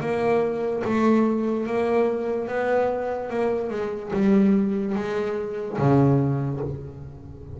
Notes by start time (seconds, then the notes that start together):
0.00 A#3
0.84 A3
1.66 A#3
2.47 B3
3.29 A#3
3.70 G#3
4.13 G3
4.95 G#3
5.78 C#3